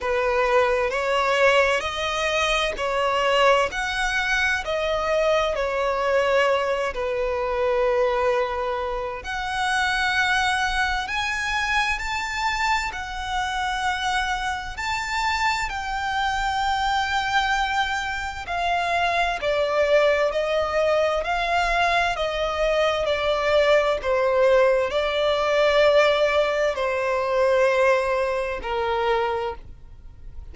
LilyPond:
\new Staff \with { instrumentName = "violin" } { \time 4/4 \tempo 4 = 65 b'4 cis''4 dis''4 cis''4 | fis''4 dis''4 cis''4. b'8~ | b'2 fis''2 | gis''4 a''4 fis''2 |
a''4 g''2. | f''4 d''4 dis''4 f''4 | dis''4 d''4 c''4 d''4~ | d''4 c''2 ais'4 | }